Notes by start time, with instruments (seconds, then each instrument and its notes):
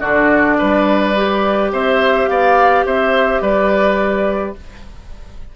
0.00 bassoon D3, clarinet D4, oboe F#4, flute D5
0.58 bassoon G3, oboe B4
1.16 clarinet G4
1.72 bassoon C4, oboe C5, flute E5
2.28 bassoon B3, oboe D5, flute F5
2.86 bassoon C4, oboe C5, flute E5
3.41 bassoon G3, oboe B4, flute D5